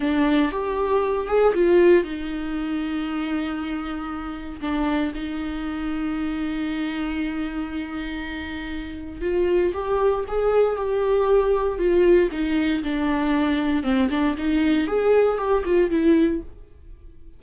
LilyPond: \new Staff \with { instrumentName = "viola" } { \time 4/4 \tempo 4 = 117 d'4 g'4. gis'8 f'4 | dis'1~ | dis'4 d'4 dis'2~ | dis'1~ |
dis'2 f'4 g'4 | gis'4 g'2 f'4 | dis'4 d'2 c'8 d'8 | dis'4 gis'4 g'8 f'8 e'4 | }